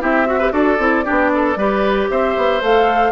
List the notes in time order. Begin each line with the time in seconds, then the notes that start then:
0.00 C4 E4 G4 E5
0.26 F#4
0.38 G4 B4
0.51 D4 F#4 A4 D5
0.78 C4 E4
1.03 D4 G4
1.10 B3
1.34 A4
1.56 G3 G4 B4
2.10 C4 C5 E5
2.36 B3
2.61 A3 A4 F5